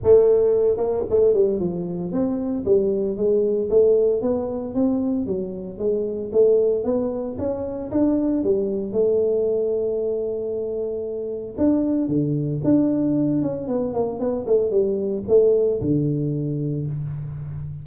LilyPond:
\new Staff \with { instrumentName = "tuba" } { \time 4/4 \tempo 4 = 114 a4. ais8 a8 g8 f4 | c'4 g4 gis4 a4 | b4 c'4 fis4 gis4 | a4 b4 cis'4 d'4 |
g4 a2.~ | a2 d'4 d4 | d'4. cis'8 b8 ais8 b8 a8 | g4 a4 d2 | }